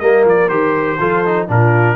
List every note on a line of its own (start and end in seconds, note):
0.00 0.25 G3
0.00 0.50 A#3
0.00 0.99 A#4
0.00 0.25 D#5
0.25 0.49 F3
0.25 0.49 D5
0.49 0.98 D#3
0.49 0.99 G4
0.49 1.48 C5
1.00 1.49 F3
1.00 1.25 F4
1.00 1.49 A4
1.26 1.48 D#4
1.48 1.96 A#2
1.48 1.96 D4
1.48 1.96 F4
1.48 1.96 A#4